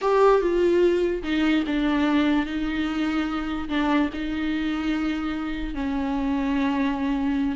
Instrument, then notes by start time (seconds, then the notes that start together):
viola
0.01 G4
0.41 F4
1.23 D#4
1.66 D4
2.46 D#4
3.68 D4
4.13 D#4
5.74 C#4